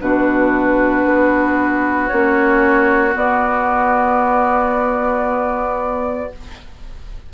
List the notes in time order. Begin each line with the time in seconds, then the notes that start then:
0.00 B2 D4 F#4 B4
1.05 B3
2.08 A#3 C#4 C#5
3.11 B3 D5